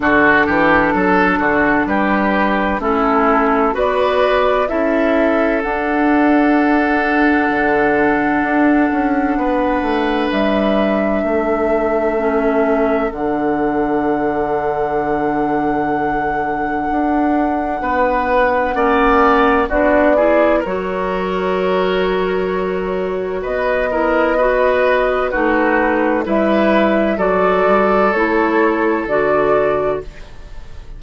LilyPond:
<<
  \new Staff \with { instrumentName = "flute" } { \time 4/4 \tempo 4 = 64 a'2 b'4 a'4 | d''4 e''4 fis''2~ | fis''2. e''4~ | e''2 fis''2~ |
fis''1~ | fis''4 d''4 cis''2~ | cis''4 dis''2 b'4 | e''4 d''4 cis''4 d''4 | }
  \new Staff \with { instrumentName = "oboe" } { \time 4/4 fis'8 g'8 a'8 fis'8 g'4 e'4 | b'4 a'2.~ | a'2 b'2 | a'1~ |
a'2. b'4 | d''4 fis'8 gis'8 ais'2~ | ais'4 b'8 ais'8 b'4 fis'4 | b'4 a'2. | }
  \new Staff \with { instrumentName = "clarinet" } { \time 4/4 d'2. cis'4 | fis'4 e'4 d'2~ | d'1~ | d'4 cis'4 d'2~ |
d'1 | cis'4 d'8 e'8 fis'2~ | fis'4. e'8 fis'4 dis'4 | e'4 fis'4 e'4 fis'4 | }
  \new Staff \with { instrumentName = "bassoon" } { \time 4/4 d8 e8 fis8 d8 g4 a4 | b4 cis'4 d'2 | d4 d'8 cis'8 b8 a8 g4 | a2 d2~ |
d2 d'4 b4 | ais4 b4 fis2~ | fis4 b2 a4 | g4 fis8 g8 a4 d4 | }
>>